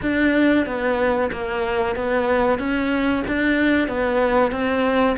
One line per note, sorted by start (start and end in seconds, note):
0.02 0.66 D4
0.66 1.30 B3
1.31 1.95 A#3
1.95 2.58 B3
2.58 3.23 C#4
3.27 3.87 D4
3.87 4.51 B3
4.51 5.16 C4